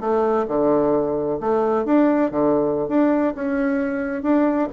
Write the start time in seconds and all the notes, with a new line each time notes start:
0.00 A3
0.48 D3
1.40 A3
1.85 D4
2.31 D3
2.88 D4
3.35 C#4
4.22 D4